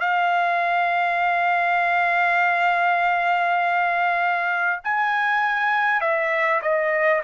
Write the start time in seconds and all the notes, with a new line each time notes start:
0.00 F5
4.84 G#5
6.01 E5
6.63 D#5